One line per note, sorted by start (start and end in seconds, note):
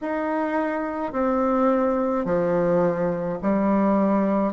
0.01 1.12 D#4
1.12 2.25 C4
2.25 3.38 F3
3.42 4.53 G3